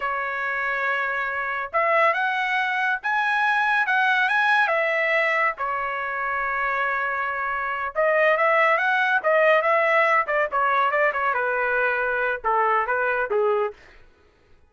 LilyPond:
\new Staff \with { instrumentName = "trumpet" } { \time 4/4 \tempo 4 = 140 cis''1 | e''4 fis''2 gis''4~ | gis''4 fis''4 gis''4 e''4~ | e''4 cis''2.~ |
cis''2~ cis''8 dis''4 e''8~ | e''8 fis''4 dis''4 e''4. | d''8 cis''4 d''8 cis''8 b'4.~ | b'4 a'4 b'4 gis'4 | }